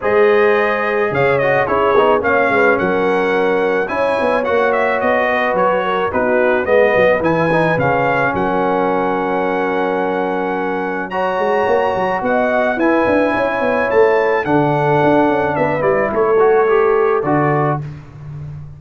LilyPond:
<<
  \new Staff \with { instrumentName = "trumpet" } { \time 4/4 \tempo 4 = 108 dis''2 f''8 dis''8 cis''4 | f''4 fis''2 gis''4 | fis''8 e''8 dis''4 cis''4 b'4 | dis''4 gis''4 f''4 fis''4~ |
fis''1 | ais''2 fis''4 gis''4~ | gis''4 a''4 fis''2 | e''8 d''8 cis''2 d''4 | }
  \new Staff \with { instrumentName = "horn" } { \time 4/4 c''2 cis''4 gis'4 | cis''8 b'8 ais'2 cis''4~ | cis''4. b'4 ais'8 fis'4 | b'2. ais'4~ |
ais'1 | cis''2 dis''4 b'4 | cis''2 a'2 | b'4 a'2. | }
  \new Staff \with { instrumentName = "trombone" } { \time 4/4 gis'2~ gis'8 fis'8 e'8 dis'8 | cis'2. e'4 | fis'2. dis'4 | b4 e'8 dis'8 cis'2~ |
cis'1 | fis'2. e'4~ | e'2 d'2~ | d'8 e'4 fis'8 g'4 fis'4 | }
  \new Staff \with { instrumentName = "tuba" } { \time 4/4 gis2 cis4 cis'8 b8 | ais8 gis8 fis2 cis'8 b8 | ais4 b4 fis4 b4 | gis8 fis8 e4 cis4 fis4~ |
fis1~ | fis8 gis8 ais8 fis8 b4 e'8 d'8 | cis'8 b8 a4 d4 d'8 cis'8 | b8 g8 a2 d4 | }
>>